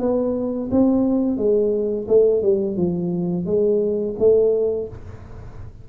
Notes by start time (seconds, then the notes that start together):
0.00 B3
0.71 C4
1.37 G#3
2.08 A3
2.43 G3
2.77 F3
3.46 G#3
4.19 A3